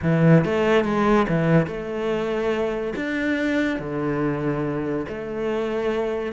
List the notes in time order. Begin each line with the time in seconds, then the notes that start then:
0.02 E3
0.45 A3
0.84 G#3
1.28 E3
1.67 A3
2.95 D4
3.79 D3
5.08 A3